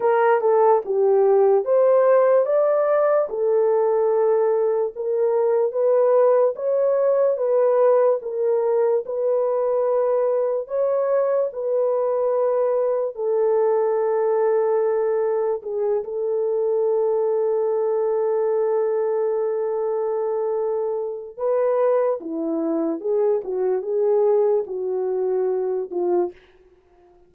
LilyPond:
\new Staff \with { instrumentName = "horn" } { \time 4/4 \tempo 4 = 73 ais'8 a'8 g'4 c''4 d''4 | a'2 ais'4 b'4 | cis''4 b'4 ais'4 b'4~ | b'4 cis''4 b'2 |
a'2. gis'8 a'8~ | a'1~ | a'2 b'4 e'4 | gis'8 fis'8 gis'4 fis'4. f'8 | }